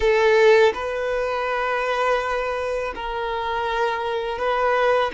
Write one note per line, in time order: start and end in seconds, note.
0.00 0.73 A4
0.74 2.93 B4
2.95 4.38 A#4
4.38 5.11 B4